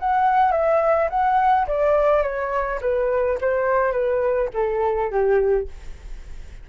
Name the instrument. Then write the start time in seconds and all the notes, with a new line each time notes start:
flute
0.00 F#5
0.52 E5
1.10 F#5
1.68 D5
2.23 C#5
2.82 B4
3.41 C5
3.92 B4
4.54 A4
5.11 G4